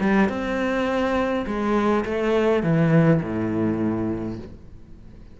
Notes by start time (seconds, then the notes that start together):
0.00 G3
0.29 C4
1.46 G#3
2.05 A3
2.63 E3
3.22 A2